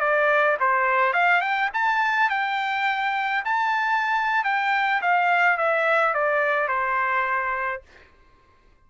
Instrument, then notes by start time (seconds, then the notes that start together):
trumpet
0.00 D5
0.59 C5
1.13 F5
1.41 G5
1.74 A5
2.29 G5
3.45 A5
4.44 G5
5.01 F5
5.57 E5
6.14 D5
6.68 C5